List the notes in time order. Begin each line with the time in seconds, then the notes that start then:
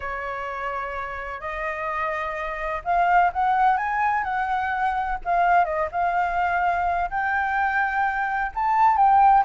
0.00 C#5
1.40 D#5
2.84 F5
3.32 F#5
3.77 G#5
4.23 F#5
5.24 F5
5.64 D#5
5.91 F5
7.10 G5
8.54 A5
8.96 G5